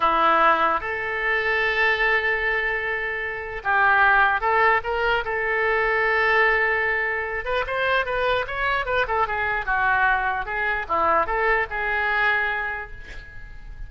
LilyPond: \new Staff \with { instrumentName = "oboe" } { \time 4/4 \tempo 4 = 149 e'2 a'2~ | a'1~ | a'4 g'2 a'4 | ais'4 a'2.~ |
a'2~ a'8 b'8 c''4 | b'4 cis''4 b'8 a'8 gis'4 | fis'2 gis'4 e'4 | a'4 gis'2. | }